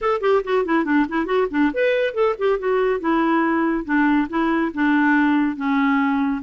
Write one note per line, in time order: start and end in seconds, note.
0.01 0.20 A4
0.20 0.42 G4
0.44 0.65 F#4
0.65 0.84 E4
0.84 1.06 D4
1.08 1.25 E4
1.25 1.47 F#4
1.50 1.71 D4
1.73 2.14 B4
2.14 2.35 A4
2.38 2.58 G4
2.58 3.00 F#4
3.00 3.84 E4
3.84 4.27 D4
4.29 4.72 E4
4.74 5.56 D4
5.56 6.41 C#4